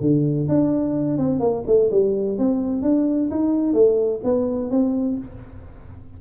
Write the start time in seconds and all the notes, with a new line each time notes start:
0.00 D3
0.48 D4
1.17 C4
1.39 A#3
1.66 A3
1.90 G3
2.38 C4
2.82 D4
3.30 D#4
3.73 A3
4.23 B3
4.70 C4